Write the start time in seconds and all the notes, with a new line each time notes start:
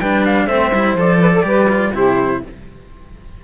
0.00 G3 D4 B4 G5
0.25 F5
0.46 A3 C4 C5 E5
0.73 G3 E4
0.96 F3 A4 D5
1.21 B4
1.34 A4
1.44 G3 G4 B4
1.70 F4
1.93 C3 E4 G4 C5